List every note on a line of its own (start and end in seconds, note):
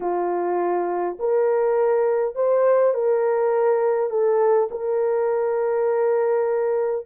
0.00 1.17 F4
1.19 2.35 A#4
2.35 2.94 C5
2.94 4.10 A#4
4.10 4.68 A4
4.71 7.06 A#4